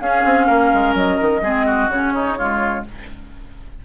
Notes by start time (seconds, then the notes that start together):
0.00 C#4 G#4 F5
0.25 C4
0.47 A#3 A#4
0.74 G#3
0.94 F#3 D#5
1.21 D#3
1.42 G#3 C4 G#4
1.66 F#4
1.88 C#3 C#4 C#5
2.15 D#4
2.38 G#3 F4